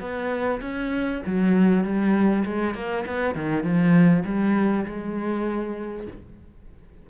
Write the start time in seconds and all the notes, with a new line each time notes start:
0.00 B3
0.61 C#4
1.26 F#3
1.84 G3
2.45 G#3
2.75 A#3
3.06 B3
3.35 D#3
3.63 F3
4.25 G3
4.86 G#3